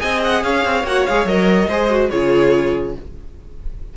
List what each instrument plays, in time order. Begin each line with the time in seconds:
0.00 cello C4, viola G#4, violin D#5 G#5
0.24 violin F#5
0.44 cello C#4, violin C#5 F5
0.65 cello C4
0.84 cello A#3, viola F#4, violin F#5
1.07 cello G#3, viola G#4, violin F5
1.26 cello F#3, viola A#4, violin D#5
1.69 cello G#3, viola G#4, violin C5
1.91 viola F#4
2.10 cello C#3, viola F4, violin G#4 C#5